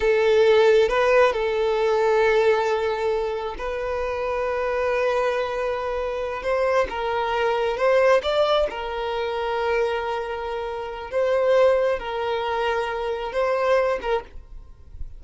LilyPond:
\new Staff \with { instrumentName = "violin" } { \time 4/4 \tempo 4 = 135 a'2 b'4 a'4~ | a'1 | b'1~ | b'2~ b'8 c''4 ais'8~ |
ais'4. c''4 d''4 ais'8~ | ais'1~ | ais'4 c''2 ais'4~ | ais'2 c''4. ais'8 | }